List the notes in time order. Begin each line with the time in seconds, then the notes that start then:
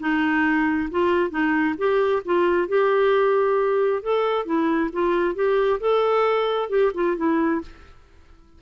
0.00 D#4
0.91 F4
1.30 D#4
1.78 G4
2.25 F4
2.68 G4
4.02 A4
4.45 E4
4.93 F4
5.35 G4
5.80 A4
6.69 G4
6.94 F4
7.17 E4